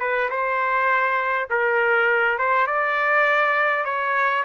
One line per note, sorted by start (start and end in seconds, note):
0.00 0.30 B4
0.30 1.49 C5
1.50 2.38 A#4
2.38 2.67 C5
2.67 3.85 D5
3.85 4.44 C#5